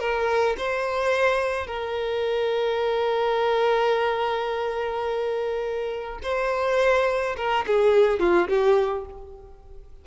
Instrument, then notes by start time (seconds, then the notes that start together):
violin
0.00 A#4
0.58 C5
1.67 A#4
6.23 C5
7.37 A#4
7.67 G#4
8.20 F4
8.49 G4